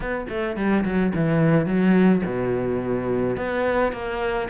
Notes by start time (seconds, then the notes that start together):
0.00 B3
0.29 A3
0.56 G3
0.84 F#3
1.14 E3
1.66 F#3
2.25 B2
3.36 B3
3.92 A#3